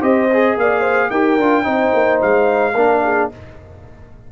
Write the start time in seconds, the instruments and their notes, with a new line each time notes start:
0.00 tuba C4, trombone G4, horn C5, trumpet D#5
0.33 trombone G#4
0.57 tuba A#3, horn D5, trumpet F5
0.80 horn C5
1.10 tuba D#4, trombone G4, horn A#4, trumpet G5
1.37 tuba D4, trombone F4
1.63 tuba C4, trombone D#4, horn C5
1.93 tuba A#3
2.22 tuba G#3, trumpet F5
2.74 tuba A#3, trombone D4, horn A#4
3.02 horn G#4